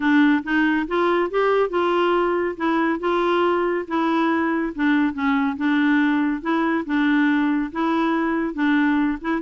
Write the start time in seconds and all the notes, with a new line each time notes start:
0.00 D4
0.43 D#4
0.87 F4
1.30 G4
1.69 F4
2.57 E4
2.99 F4
3.87 E4
4.75 D4
5.13 C#4
5.56 D4
6.41 E4
6.85 D4
7.72 E4
8.54 D4
9.21 E4